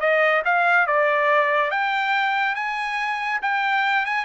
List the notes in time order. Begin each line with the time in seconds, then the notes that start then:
0.00 D#5
0.45 F5
0.87 D5
1.71 G5
2.55 G#5
3.42 G5
4.06 G#5